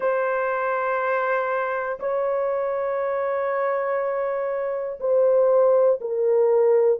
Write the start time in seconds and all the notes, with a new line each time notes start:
0.00 C5
2.00 C#5
5.00 C5
6.00 A#4